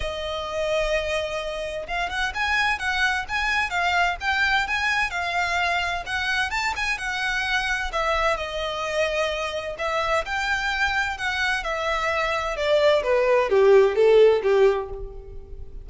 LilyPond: \new Staff \with { instrumentName = "violin" } { \time 4/4 \tempo 4 = 129 dis''1 | f''8 fis''8 gis''4 fis''4 gis''4 | f''4 g''4 gis''4 f''4~ | f''4 fis''4 a''8 gis''8 fis''4~ |
fis''4 e''4 dis''2~ | dis''4 e''4 g''2 | fis''4 e''2 d''4 | b'4 g'4 a'4 g'4 | }